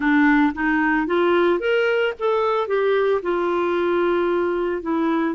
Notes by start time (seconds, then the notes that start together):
0.00 D4
0.54 D#4
1.07 F4
1.59 A#4
2.19 A4
2.67 G4
3.22 F4
4.82 E4